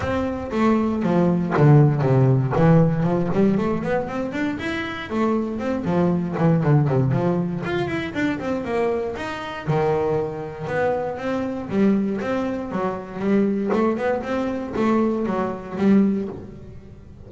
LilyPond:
\new Staff \with { instrumentName = "double bass" } { \time 4/4 \tempo 4 = 118 c'4 a4 f4 d4 | c4 e4 f8 g8 a8 b8 | c'8 d'8 e'4 a4 c'8 f8~ | f8 e8 d8 c8 f4 f'8 e'8 |
d'8 c'8 ais4 dis'4 dis4~ | dis4 b4 c'4 g4 | c'4 fis4 g4 a8 b8 | c'4 a4 fis4 g4 | }